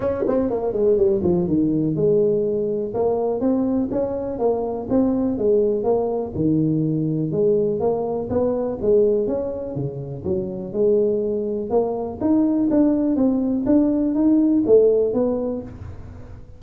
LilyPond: \new Staff \with { instrumentName = "tuba" } { \time 4/4 \tempo 4 = 123 cis'8 c'8 ais8 gis8 g8 f8 dis4 | gis2 ais4 c'4 | cis'4 ais4 c'4 gis4 | ais4 dis2 gis4 |
ais4 b4 gis4 cis'4 | cis4 fis4 gis2 | ais4 dis'4 d'4 c'4 | d'4 dis'4 a4 b4 | }